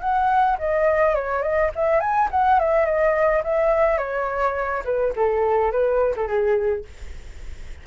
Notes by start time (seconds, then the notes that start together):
0.00 F#5
0.58 D#5
1.15 C#5
1.42 D#5
1.75 E5
2.00 G#5
2.31 F#5
2.59 E5
2.85 D#5
3.44 E5
3.98 C#5
4.84 B4
5.16 A4
5.72 B4
6.16 A4
6.27 G#4